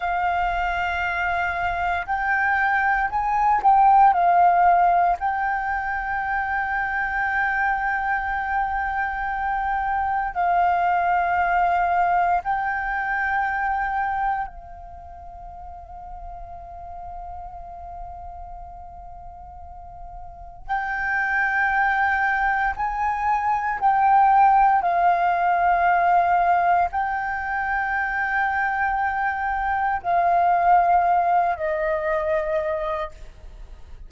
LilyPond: \new Staff \with { instrumentName = "flute" } { \time 4/4 \tempo 4 = 58 f''2 g''4 gis''8 g''8 | f''4 g''2.~ | g''2 f''2 | g''2 f''2~ |
f''1 | g''2 gis''4 g''4 | f''2 g''2~ | g''4 f''4. dis''4. | }